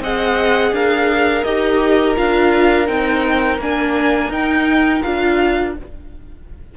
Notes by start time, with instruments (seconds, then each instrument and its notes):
0.00 cello C4, viola G#4, violin D#5 F#5
0.72 cello D4, violin A#4 F5
1.44 cello D#4, viola G4, violin D#5
2.16 cello D4, viola F4, violin F5
2.86 cello C4, viola D#4, violin G5
3.58 cello A#3, viola D4, violin G#5
4.29 cello D#4, viola D#4, violin G5
5.02 cello D4, viola F4, violin F5